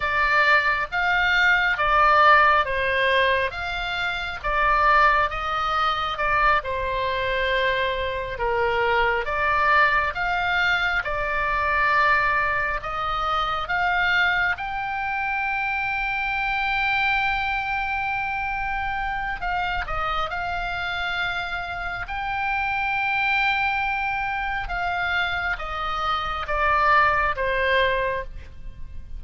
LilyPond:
\new Staff \with { instrumentName = "oboe" } { \time 4/4 \tempo 4 = 68 d''4 f''4 d''4 c''4 | f''4 d''4 dis''4 d''8 c''8~ | c''4. ais'4 d''4 f''8~ | f''8 d''2 dis''4 f''8~ |
f''8 g''2.~ g''8~ | g''2 f''8 dis''8 f''4~ | f''4 g''2. | f''4 dis''4 d''4 c''4 | }